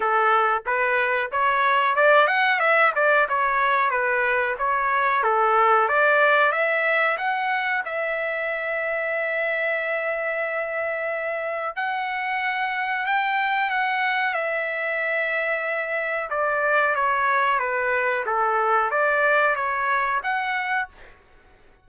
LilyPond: \new Staff \with { instrumentName = "trumpet" } { \time 4/4 \tempo 4 = 92 a'4 b'4 cis''4 d''8 fis''8 | e''8 d''8 cis''4 b'4 cis''4 | a'4 d''4 e''4 fis''4 | e''1~ |
e''2 fis''2 | g''4 fis''4 e''2~ | e''4 d''4 cis''4 b'4 | a'4 d''4 cis''4 fis''4 | }